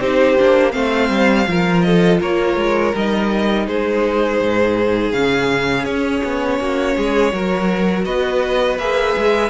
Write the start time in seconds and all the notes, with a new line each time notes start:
0.00 C4 D#4 G4 C5
0.38 A#3 D4
0.71 A3 C4 C5 F5
1.10 G3
1.47 F3 F4 A#4
1.82 A4 D#5
2.21 A#3 A#4 C#5
2.57 G#3
2.95 G3 D#4 D#5
3.66 G#3 G#4 C5
4.41 G#2
5.12 C#3 C#4 F5
5.85 C#4 C#5
6.24 B3
6.60 A#3 F#4
6.96 G#3 G#4
7.32 F#3 F#4 A#4
8.05 B3 B4 D#5
8.79 A#3 G#4 E5
9.17 G#3